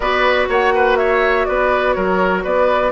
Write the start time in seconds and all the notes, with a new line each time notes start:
0.00 B3 F#4 B4 D5
0.48 A#3 C#5 F#5
0.74 B4
0.96 C#5 E5
1.45 B3 B4 D5
1.93 F#3 A#4 C#5
2.43 B3 B4 D5